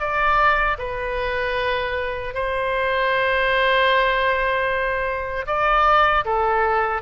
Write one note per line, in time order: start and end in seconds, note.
0.00 0.78 D5
0.79 2.34 B4
2.34 5.46 C5
5.47 6.25 D5
6.26 7.02 A4